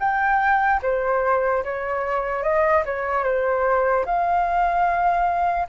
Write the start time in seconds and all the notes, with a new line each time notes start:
0.00 G5
0.82 C5
1.64 C#5
2.43 D#5
2.86 C#5
3.24 C5
4.05 F5